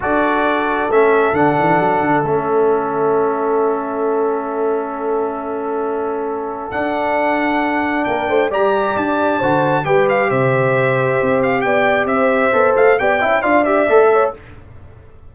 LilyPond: <<
  \new Staff \with { instrumentName = "trumpet" } { \time 4/4 \tempo 4 = 134 d''2 e''4 fis''4~ | fis''4 e''2.~ | e''1~ | e''2. fis''4~ |
fis''2 g''4 ais''4 | a''2 g''8 f''8 e''4~ | e''4. f''8 g''4 e''4~ | e''8 f''8 g''4 f''8 e''4. | }
  \new Staff \with { instrumentName = "horn" } { \time 4/4 a'1~ | a'1~ | a'1~ | a'1~ |
a'2 ais'8 c''8 d''4~ | d''4 c''4 b'4 c''4~ | c''2 d''4 c''4~ | c''4 d''8 e''8 d''4. cis''8 | }
  \new Staff \with { instrumentName = "trombone" } { \time 4/4 fis'2 cis'4 d'4~ | d'4 cis'2.~ | cis'1~ | cis'2. d'4~ |
d'2. g'4~ | g'4 fis'4 g'2~ | g'1 | a'4 g'8 e'8 f'8 g'8 a'4 | }
  \new Staff \with { instrumentName = "tuba" } { \time 4/4 d'2 a4 d8 e8 | fis8 d8 a2.~ | a1~ | a2. d'4~ |
d'2 ais8 a8 g4 | d'4 d4 g4 c4~ | c4 c'4 b4 c'4 | b8 a8 b8 cis'8 d'4 a4 | }
>>